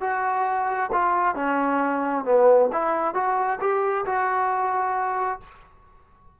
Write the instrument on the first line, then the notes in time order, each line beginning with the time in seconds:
trombone
0.00 F#4
0.92 F4
1.35 C#4
2.24 B3
2.72 E4
3.14 F#4
3.60 G4
4.05 F#4